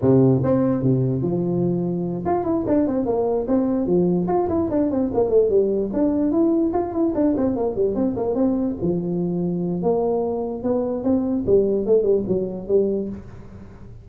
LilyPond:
\new Staff \with { instrumentName = "tuba" } { \time 4/4 \tempo 4 = 147 c4 c'4 c4 f4~ | f4. f'8 e'8 d'8 c'8 ais8~ | ais8 c'4 f4 f'8 e'8 d'8 | c'8 ais8 a8 g4 d'4 e'8~ |
e'8 f'8 e'8 d'8 c'8 ais8 g8 c'8 | ais8 c'4 f2~ f8 | ais2 b4 c'4 | g4 a8 g8 fis4 g4 | }